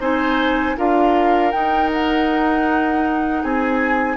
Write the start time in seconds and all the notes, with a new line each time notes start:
0.00 C4 D#4 C5 G#5
0.77 D4 F4 A#4 F5
1.51 D#4 G5
1.93 F#5
3.43 C4 G#4 G#5